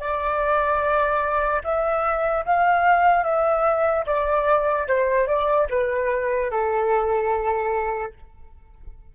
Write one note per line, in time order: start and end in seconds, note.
0.00 1.62 D5
1.64 2.45 E5
2.46 3.24 F5
3.24 4.05 E5
4.07 4.88 D5
4.88 5.27 C5
5.27 5.68 D5
5.70 6.51 B4
6.51 8.13 A4